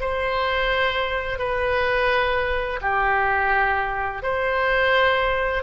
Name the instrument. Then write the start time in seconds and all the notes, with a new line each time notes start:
oboe
0.00 C5
1.38 B4
2.81 G4
4.23 C5